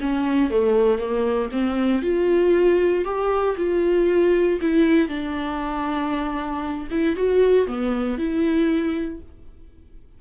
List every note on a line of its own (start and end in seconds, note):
0.00 0.50 C#4
0.50 0.98 A3
0.98 1.49 A#3
1.51 2.02 C4
2.02 3.04 F4
3.04 3.56 G4
3.57 4.59 F4
4.61 5.08 E4
5.08 6.87 D4
6.90 7.16 E4
7.16 7.67 F#4
7.67 8.17 B3
8.17 9.20 E4